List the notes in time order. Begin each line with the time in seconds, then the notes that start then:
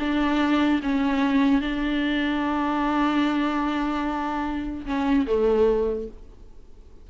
0.00 D4
0.83 C#4
1.62 D4
4.86 C#4
5.27 A3